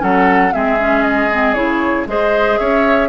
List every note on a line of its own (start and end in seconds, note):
0.00 0.54 F#3
0.00 0.51 C#4
0.00 0.54 A4
0.00 0.53 F#5
0.52 1.56 G#3
0.52 0.78 C4
0.52 2.08 G#4
0.52 1.03 E5
0.80 1.31 C#4
1.03 1.54 D#5
1.32 1.56 C4
1.54 2.07 C#3
1.54 2.07 E4
1.54 2.05 C#5
2.07 2.58 G#3
2.07 3.09 G#4
2.07 2.60 C5
2.07 2.58 D#5
2.58 3.09 C#4
2.58 3.09 C#5
2.58 3.09 E5